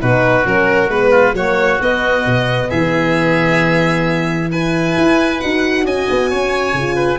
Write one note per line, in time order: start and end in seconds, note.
0.00 0.46 B2
0.00 0.44 D#4
0.00 1.10 F#4
0.00 0.47 B4
0.44 0.88 F#3
0.44 0.89 C#4
0.44 0.90 A#4
0.88 1.33 G#3
0.88 1.35 B3
0.88 1.35 B4
1.10 1.33 F4
1.33 1.79 F#3
1.33 1.80 A#3
1.33 2.69 F#4
1.33 1.81 C#5
1.81 4.52 B3
1.81 2.26 B3
1.81 2.70 D#5
2.26 2.71 B2
2.69 4.97 E3
2.69 4.50 G#4
2.69 4.51 E5
4.52 5.41 E4
4.52 5.85 B4
4.52 5.41 G#5
4.97 5.43 E4
5.41 5.85 D#4
5.41 6.76 F#4
5.41 5.86 F#5
5.85 6.07 C#4
5.85 6.30 D#5
5.85 7.19 G#5
6.10 6.32 B3
6.30 6.73 C#4
6.30 6.96 C#5
6.73 7.18 C#3
6.73 7.19 F4
6.96 7.18 B4